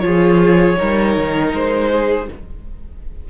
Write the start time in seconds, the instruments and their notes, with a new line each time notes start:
0.00 cello F3, viola F4, violin G#4 C#5
0.77 cello G3, viola D#4, violin A#4
1.18 cello D#3
1.54 cello G#3, violin C5
1.91 violin G#4